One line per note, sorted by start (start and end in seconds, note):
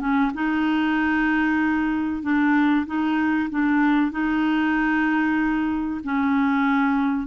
0.00 0.32 C#4
0.34 2.23 D#4
2.23 2.86 D4
2.87 3.50 D#4
3.51 4.12 D4
4.12 6.01 D#4
6.04 7.27 C#4